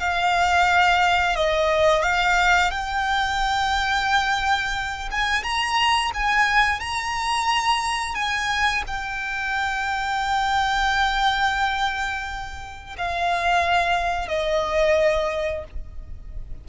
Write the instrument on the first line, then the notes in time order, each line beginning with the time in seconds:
violin
0.00 F5
1.36 D#5
2.03 F5
2.71 G5
5.12 G#5
5.44 A#5
6.14 G#5
6.80 A#5
8.15 G#5
8.88 G5
12.98 F5
14.28 D#5